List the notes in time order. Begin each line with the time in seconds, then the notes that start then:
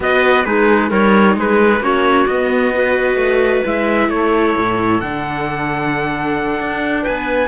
0.00 B3 F#4 B4 D#5
0.45 G#3 D#4 G#4 B4
0.89 G3 D#4 A#4 C#5
1.35 G#3 G#4 B4
1.80 A#3 C#4 F#4 C#5
2.26 B3 D#5
2.73 F#4 B4
3.15 A3
3.64 G#3 E4 E5
4.09 A3 A4 C#5
4.57 A2
5.00 D3 D4 F#5
6.59 D4
7.02 B3 B4 G#5